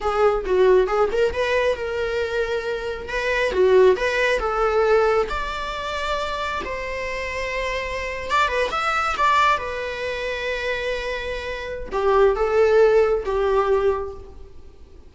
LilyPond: \new Staff \with { instrumentName = "viola" } { \time 4/4 \tempo 4 = 136 gis'4 fis'4 gis'8 ais'8 b'4 | ais'2. b'4 | fis'4 b'4 a'2 | d''2. c''4~ |
c''2~ c''8. d''8 b'8 e''16~ | e''8. d''4 b'2~ b'16~ | b'2. g'4 | a'2 g'2 | }